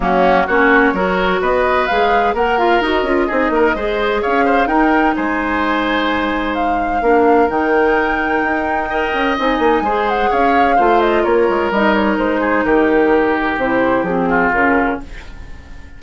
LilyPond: <<
  \new Staff \with { instrumentName = "flute" } { \time 4/4 \tempo 4 = 128 fis'4 cis''2 dis''4 | f''4 fis''8 f''8 dis''2~ | dis''4 f''4 g''4 gis''4~ | gis''2 f''2 |
g''1 | gis''4. fis''8 f''4. dis''8 | cis''4 dis''8 cis''8 c''4 ais'4~ | ais'4 c''4 gis'4 ais'4 | }
  \new Staff \with { instrumentName = "oboe" } { \time 4/4 cis'4 fis'4 ais'4 b'4~ | b'4 ais'2 gis'8 ais'8 | c''4 cis''8 c''8 ais'4 c''4~ | c''2. ais'4~ |
ais'2. dis''4~ | dis''4 c''4 cis''4 c''4 | ais'2~ ais'8 gis'8 g'4~ | g'2~ g'8 f'4. | }
  \new Staff \with { instrumentName = "clarinet" } { \time 4/4 ais4 cis'4 fis'2 | gis'4 ais'8 f'8 fis'8 f'8 dis'4 | gis'2 dis'2~ | dis'2. d'4 |
dis'2. ais'4 | dis'4 gis'2 f'4~ | f'4 dis'2.~ | dis'4 e'4 c'4 cis'4 | }
  \new Staff \with { instrumentName = "bassoon" } { \time 4/4 fis4 ais4 fis4 b4 | gis4 ais4 dis'8 cis'8 c'8 ais8 | gis4 cis'4 dis'4 gis4~ | gis2. ais4 |
dis2 dis'4. cis'8 | c'8 ais8 gis4 cis'4 a4 | ais8 gis8 g4 gis4 dis4~ | dis4 c4 f4 cis4 | }
>>